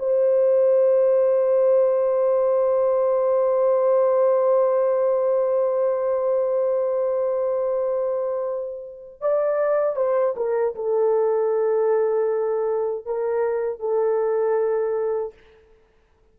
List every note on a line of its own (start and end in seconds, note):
0.00 9.21 C5
9.21 9.96 D5
9.96 10.35 C5
10.37 10.75 A#4
10.76 13.06 A4
13.06 13.80 A#4
13.80 15.34 A4